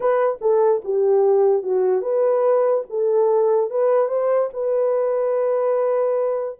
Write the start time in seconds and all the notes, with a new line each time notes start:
0.00 B4
0.41 A4
0.84 G4
1.62 F#4
2.01 B4
2.89 A4
3.70 B4
4.08 C5
4.53 B4